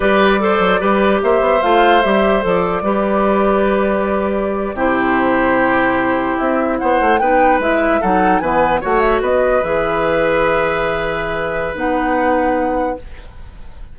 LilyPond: <<
  \new Staff \with { instrumentName = "flute" } { \time 4/4 \tempo 4 = 148 d''2. e''4 | f''4 e''4 d''2~ | d''2.~ d''8. c''16~ | c''2.~ c''8. e''16~ |
e''8. fis''4 g''4 e''4 fis''16~ | fis''8. gis''4 fis''8 e''8 dis''4 e''16~ | e''1~ | e''4 fis''2. | }
  \new Staff \with { instrumentName = "oboe" } { \time 4/4 b'4 c''4 b'4 c''4~ | c''2. b'4~ | b'2.~ b'8. g'16~ | g'1~ |
g'8. c''4 b'2 a'16~ | a'8. b'4 cis''4 b'4~ b'16~ | b'1~ | b'1 | }
  \new Staff \with { instrumentName = "clarinet" } { \time 4/4 g'4 a'4 g'2 | f'4 g'4 a'4 g'4~ | g'2.~ g'8. e'16~ | e'1~ |
e'4.~ e'16 dis'4 e'4 dis'16~ | dis'8. b4 fis'2 gis'16~ | gis'1~ | gis'4 dis'2. | }
  \new Staff \with { instrumentName = "bassoon" } { \time 4/4 g4. fis8 g4 ais8 b8 | a4 g4 f4 g4~ | g2.~ g8. c16~ | c2.~ c8. c'16~ |
c'8. b8 a8 b4 gis4 fis16~ | fis8. e4 a4 b4 e16~ | e1~ | e4 b2. | }
>>